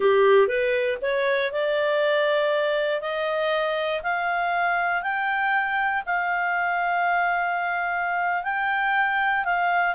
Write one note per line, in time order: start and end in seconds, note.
0.00 0.47 G4
0.47 0.97 B4
1.01 1.51 C#5
1.52 3.01 D5
3.01 4.02 D#5
4.02 5.02 F5
5.02 6.03 G5
6.05 8.43 F5
8.43 9.44 G5
9.44 9.95 F5